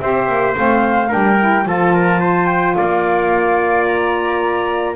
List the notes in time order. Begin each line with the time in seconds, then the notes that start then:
0.00 C4 G4 C5 E5
0.28 A#3
0.54 A3 C4 F5
1.09 G3 D4 A#4 G5
1.39 E4
1.65 F3 F4 A4 A5
1.94 A#4
2.20 C5
2.46 G5
2.75 A#3 D5 F5
3.86 A#5